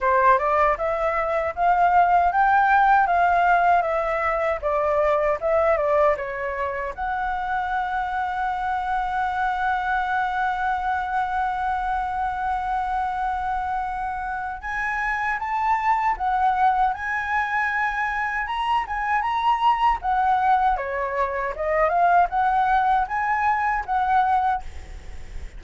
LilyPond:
\new Staff \with { instrumentName = "flute" } { \time 4/4 \tempo 4 = 78 c''8 d''8 e''4 f''4 g''4 | f''4 e''4 d''4 e''8 d''8 | cis''4 fis''2.~ | fis''1~ |
fis''2. gis''4 | a''4 fis''4 gis''2 | ais''8 gis''8 ais''4 fis''4 cis''4 | dis''8 f''8 fis''4 gis''4 fis''4 | }